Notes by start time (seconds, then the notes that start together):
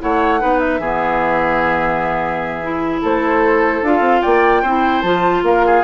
0.00 A3 E4 C#5 F#5
0.40 B3 D#4 B4
0.59 E5
0.79 E3 B3 G#4
2.62 E4
3.01 A3 A4 C5
3.82 D4 F4 F5
4.00 C4
4.22 A#3 D5 G5
4.62 C4 E4 C5
5.02 F3 F4 A5
5.42 A#3 A#4 F5
5.66 G#4